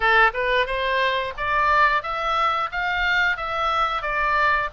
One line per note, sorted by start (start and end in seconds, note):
0.00 0.31 A4
0.33 0.66 B4
0.66 1.33 C5
1.37 2.02 D5
2.02 2.70 E5
2.71 3.36 F5
3.36 4.01 E5
4.01 4.69 D5